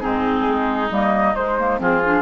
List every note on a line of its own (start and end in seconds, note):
0.00 0.46 G#2
0.00 0.89 C4
0.00 1.80 D#4
0.00 0.89 G#4
0.48 0.91 G#3
0.91 1.35 G3
0.91 1.35 A#3
0.91 1.35 D#5
1.35 1.80 G#3
1.35 1.59 G#3
1.35 1.80 C5
1.59 1.79 A#3
1.79 2.22 F3
1.79 2.01 C4
1.79 2.22 F4
1.79 2.22 G#4
2.04 2.22 D4